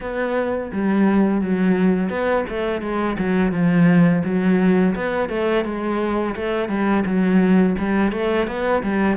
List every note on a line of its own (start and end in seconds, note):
0.00 0.71 B3
0.72 1.41 G3
1.41 2.09 F#3
2.09 2.44 B3
2.49 2.81 A3
2.81 3.16 G#3
3.18 3.52 F#3
3.52 4.22 F3
4.24 4.94 F#3
4.95 5.29 B3
5.29 5.64 A3
5.64 6.35 G#3
6.35 6.68 A3
6.68 7.04 G3
7.05 7.76 F#3
7.78 8.12 G3
8.12 8.47 A3
8.47 8.82 B3
8.82 9.17 G3